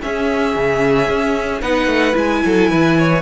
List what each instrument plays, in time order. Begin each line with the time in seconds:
0.00 viola C#4, cello C#4, violin G#4 E5
0.56 cello C#3
1.08 cello C#4
1.61 cello B3, viola D#4, violin B4 F#5
1.87 cello A3
2.13 cello G#3, viola E4, violin G#5
2.45 cello F#3, violin A4
2.70 cello E3, violin B4
2.98 violin C#5